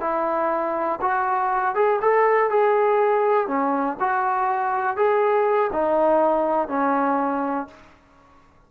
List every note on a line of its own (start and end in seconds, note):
0.00 0.99 E4
1.01 1.75 F#4
1.75 1.99 G#4
2.01 2.50 A4
2.50 3.47 G#4
3.47 3.97 C#4
4.00 4.96 F#4
4.96 5.70 G#4
5.72 6.68 D#4
6.68 7.67 C#4